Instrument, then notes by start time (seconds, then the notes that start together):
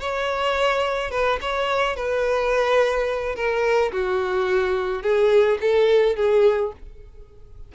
violin
0.00 C#5
1.11 B4
1.41 C#5
1.96 B4
3.35 A#4
3.92 F#4
5.02 G#4
5.61 A4
6.16 G#4